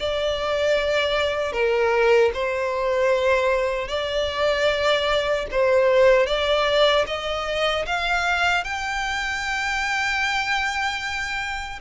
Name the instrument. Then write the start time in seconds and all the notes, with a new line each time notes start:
violin
0.00 D5
1.53 A#4
2.34 C5
3.88 D5
5.52 C5
6.27 D5
7.07 D#5
7.86 F5
8.64 G5